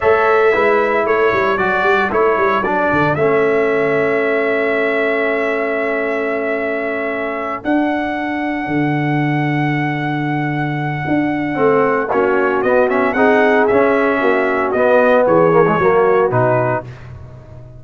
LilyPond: <<
  \new Staff \with { instrumentName = "trumpet" } { \time 4/4 \tempo 4 = 114 e''2 cis''4 d''4 | cis''4 d''4 e''2~ | e''1~ | e''2~ e''8 fis''4.~ |
fis''1~ | fis''2. cis''4 | dis''8 e''8 fis''4 e''2 | dis''4 cis''2 b'4 | }
  \new Staff \with { instrumentName = "horn" } { \time 4/4 cis''4 b'4 a'2~ | a'1~ | a'1~ | a'1~ |
a'1~ | a'2. fis'4~ | fis'4 gis'2 fis'4~ | fis'4 gis'4 fis'2 | }
  \new Staff \with { instrumentName = "trombone" } { \time 4/4 a'4 e'2 fis'4 | e'4 d'4 cis'2~ | cis'1~ | cis'2~ cis'8 d'4.~ |
d'1~ | d'2 c'4 cis'4 | b8 cis'8 dis'4 cis'2 | b4. ais16 gis16 ais4 dis'4 | }
  \new Staff \with { instrumentName = "tuba" } { \time 4/4 a4 gis4 a8 g8 fis8 g8 | a8 g8 fis8 d8 a2~ | a1~ | a2~ a8 d'4.~ |
d'8 d2.~ d8~ | d4 d'4 a4 ais4 | b4 c'4 cis'4 ais4 | b4 e4 fis4 b,4 | }
>>